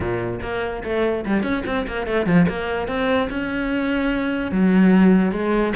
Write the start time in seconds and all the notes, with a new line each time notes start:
0.00 A#2
0.41 A#3
0.83 A3
1.26 G3
1.42 C#4
1.66 C4
1.87 A#3
2.06 A3
2.26 F3
2.48 A#3
2.87 C4
3.30 C#4
4.51 F#3
5.32 G#3